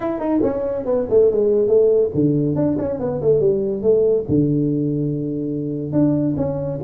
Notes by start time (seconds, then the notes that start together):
0.00 E4
0.19 D#4
0.43 C#4
0.85 B3
1.09 A3
1.31 G#3
1.67 A3
2.14 D3
2.55 D4
2.78 C#4
2.99 B3
3.21 A3
3.40 G3
3.82 A3
4.28 D3
5.92 D4
6.37 C#4